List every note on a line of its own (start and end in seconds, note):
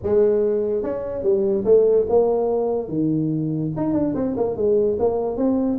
0.03 0.83 G#3
0.83 1.22 C#4
1.22 1.64 G3
1.64 2.06 A3
2.09 2.88 A#3
2.88 3.71 D#3
3.76 3.93 D#4
3.93 4.14 D4
4.15 4.35 C4
4.36 4.56 A#3
4.56 4.97 G#3
4.99 5.36 A#3
5.36 5.78 C4